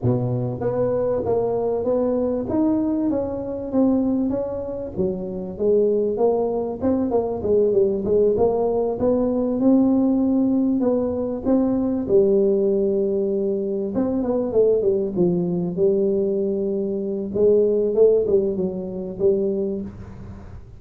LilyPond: \new Staff \with { instrumentName = "tuba" } { \time 4/4 \tempo 4 = 97 b,4 b4 ais4 b4 | dis'4 cis'4 c'4 cis'4 | fis4 gis4 ais4 c'8 ais8 | gis8 g8 gis8 ais4 b4 c'8~ |
c'4. b4 c'4 g8~ | g2~ g8 c'8 b8 a8 | g8 f4 g2~ g8 | gis4 a8 g8 fis4 g4 | }